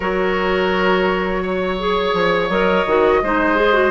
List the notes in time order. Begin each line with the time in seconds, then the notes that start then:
0.00 F#3 F#4 A#4 C#5
1.42 C#5
1.79 G#4
2.13 F3
2.49 F#3 A#4 D#5
2.85 D#3 F#4
3.22 G#3 D#4 C5
3.56 G#4
3.73 F#4